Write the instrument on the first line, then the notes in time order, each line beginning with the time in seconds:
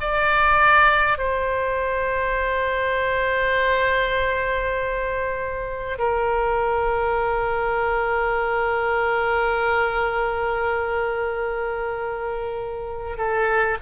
oboe
0.00 D5
1.18 C5
5.98 A#4
13.17 A4